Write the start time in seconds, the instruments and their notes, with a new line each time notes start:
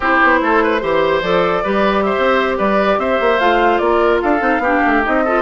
0.00 bassoon C4, clarinet E4, oboe G4, flute C5
0.23 bassoon B3
0.41 bassoon A3, oboe A4
0.63 oboe B4
0.80 bassoon E3, clarinet G4, oboe C5
1.21 bassoon F3, clarinet A4, flute D5
1.63 bassoon G3, clarinet G4, oboe B4
2.02 oboe C5, flute E5
2.18 bassoon C4
2.57 bassoon G3, oboe B4, flute D5
2.97 bassoon C4, oboe C5, flute E5
3.20 bassoon A#3
3.39 bassoon A3, clarinet F4, flute F5
3.77 bassoon A#3, flute D5
3.84 oboe A#4
4.21 bassoon D4, oboe A4, flute F5
4.39 bassoon C4, clarinet D#4
4.58 bassoon B3, oboe G4
4.65 clarinet D4
4.85 bassoon A3
5.03 bassoon C4, clarinet D#4, flute D#5
5.24 clarinet F4, oboe A4